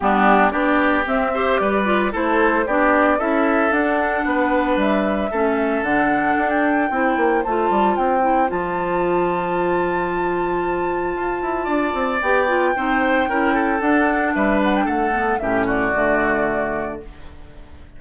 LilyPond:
<<
  \new Staff \with { instrumentName = "flute" } { \time 4/4 \tempo 4 = 113 g'4 d''4 e''4 d''4 | c''4 d''4 e''4 fis''4~ | fis''4 e''2 fis''4~ | fis''16 g''4.~ g''16 a''4 g''4 |
a''1~ | a''2. g''4~ | g''2 fis''4 e''8 fis''16 g''16 | fis''4 e''8 d''2~ d''8 | }
  \new Staff \with { instrumentName = "oboe" } { \time 4/4 d'4 g'4. c''8 b'4 | a'4 g'4 a'2 | b'2 a'2~ | a'4 c''2.~ |
c''1~ | c''2 d''2 | c''4 ais'8 a'4. b'4 | a'4 g'8 fis'2~ fis'8 | }
  \new Staff \with { instrumentName = "clarinet" } { \time 4/4 b4 d'4 c'8 g'4 f'8 | e'4 d'4 e'4 d'4~ | d'2 cis'4 d'4~ | d'4 e'4 f'4. e'8 |
f'1~ | f'2. g'8 f'8 | dis'4 e'4 d'2~ | d'8 b8 cis'4 a2 | }
  \new Staff \with { instrumentName = "bassoon" } { \time 4/4 g4 b4 c'4 g4 | a4 b4 cis'4 d'4 | b4 g4 a4 d4 | d'4 c'8 ais8 a8 g8 c'4 |
f1~ | f4 f'8 e'8 d'8 c'8 b4 | c'4 cis'4 d'4 g4 | a4 a,4 d2 | }
>>